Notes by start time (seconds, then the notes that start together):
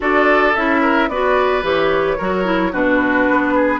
0.00 D4 F#4 A4 D5
0.54 C#4 E4 E5
0.81 A#4
1.08 B3 F#4 B4 D5
1.62 E3 G4 C#5
2.17 F#3 F#4 A#4
2.44 E4
2.71 B2 D4 F#4 B4
3.29 B3
3.54 G#4